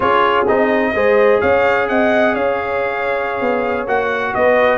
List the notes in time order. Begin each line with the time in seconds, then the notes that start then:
0.00 C#4 F4 G#4 C#5
0.47 C4 D#4 D#5
0.94 G#3 G#4 C5
1.40 C#4 C#5 F5
1.88 C4 D#5 F#5
2.34 C#4 C#5 F5
3.40 B3
3.87 A#3 F#4 F#5
4.34 B3 B4 D#5